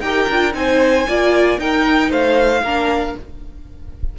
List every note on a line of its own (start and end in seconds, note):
0.00 0.26 D#4
0.00 0.29 G4
0.00 0.57 A#4
0.00 0.52 G5
0.29 0.54 D4
0.29 0.52 F4
0.52 1.06 C4
0.52 1.04 D#4
0.52 1.08 C5
0.52 1.59 G#5
1.08 1.58 A#3
1.08 1.59 F4
1.08 1.60 D5
1.58 2.10 D#4
1.58 2.63 D#4
1.58 2.10 A#4
1.58 2.11 G5
2.10 2.62 A3
2.10 2.62 C5
2.10 3.16 F5
2.62 3.14 A#3
2.62 3.18 D4
2.62 3.16 A#4